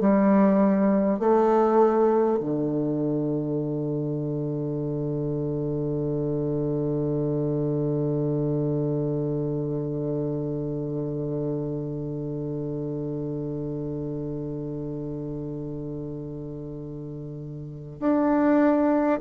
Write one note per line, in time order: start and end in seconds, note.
0.00 1.19 G3
1.19 2.39 A3
2.40 18.00 D3
18.00 19.20 D4